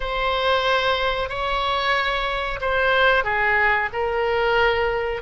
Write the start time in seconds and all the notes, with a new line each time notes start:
0.00 C5
1.29 C#5
2.61 C5
3.23 G#4
3.92 A#4